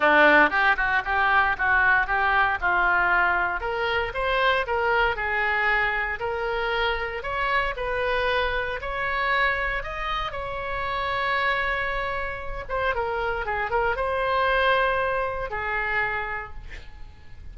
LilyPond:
\new Staff \with { instrumentName = "oboe" } { \time 4/4 \tempo 4 = 116 d'4 g'8 fis'8 g'4 fis'4 | g'4 f'2 ais'4 | c''4 ais'4 gis'2 | ais'2 cis''4 b'4~ |
b'4 cis''2 dis''4 | cis''1~ | cis''8 c''8 ais'4 gis'8 ais'8 c''4~ | c''2 gis'2 | }